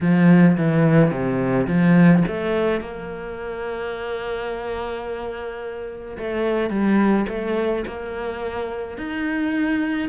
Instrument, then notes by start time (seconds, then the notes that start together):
cello
0.00 F3
0.57 E3
1.10 C3
1.67 F3
2.27 A3
2.80 A#3
6.18 A3
6.70 G3
7.28 A3
7.86 A#3
8.97 D#4